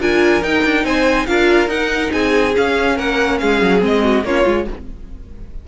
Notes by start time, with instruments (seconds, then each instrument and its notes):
0.00 cello D4, viola F4, violin A#4 G#5
0.42 cello D#4, viola D#4, violin G5
0.64 cello D4
0.84 cello C4, violin C5 G#5
1.26 cello D4, viola F4, violin A#4 F5
1.68 cello D#4, viola D#4, violin F#5
2.12 cello C4, violin G#4 G#5
2.55 viola C#4, cello C#4, violin F5
2.96 cello A#3, violin A#4 F#5
3.39 cello G#3, violin G#4 F5
3.62 cello F#3
3.80 cello G#3, viola C4, violin D#5
4.04 violin F#4
4.24 cello A#3, viola C#4, violin F4 C#5
4.44 cello G#3, viola F4